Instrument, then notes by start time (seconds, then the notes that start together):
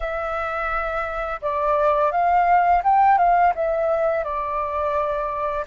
flute
0.00 E5
1.41 D5
2.11 F5
2.83 G5
3.18 F5
3.55 E5
4.24 D5